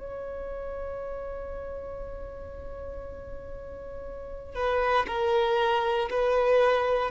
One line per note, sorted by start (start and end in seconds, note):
0.00 4.55 C#5
4.55 5.06 B4
5.08 6.09 A#4
6.10 7.11 B4